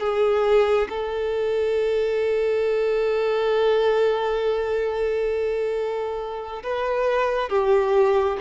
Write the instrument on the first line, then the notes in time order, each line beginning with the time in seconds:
violin
0.00 G#4
0.89 A4
6.63 B4
7.49 G4